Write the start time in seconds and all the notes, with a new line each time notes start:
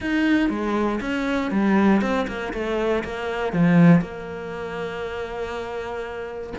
0.00 D#4
0.49 G#3
1.00 C#4
1.51 G3
2.01 C4
2.27 A#3
2.53 A3
3.04 A#3
3.52 F3
4.01 A#3